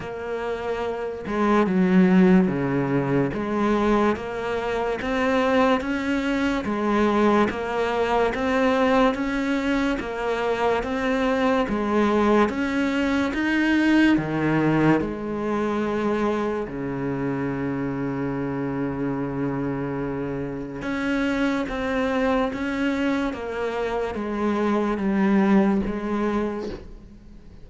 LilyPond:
\new Staff \with { instrumentName = "cello" } { \time 4/4 \tempo 4 = 72 ais4. gis8 fis4 cis4 | gis4 ais4 c'4 cis'4 | gis4 ais4 c'4 cis'4 | ais4 c'4 gis4 cis'4 |
dis'4 dis4 gis2 | cis1~ | cis4 cis'4 c'4 cis'4 | ais4 gis4 g4 gis4 | }